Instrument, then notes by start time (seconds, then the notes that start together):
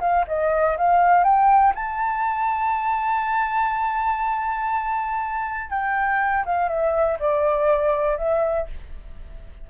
flute
0.00 F5
0.27 D#5
0.77 F5
1.24 G5
1.74 A5
5.70 G5
6.45 F5
6.68 E5
7.19 D5
8.17 E5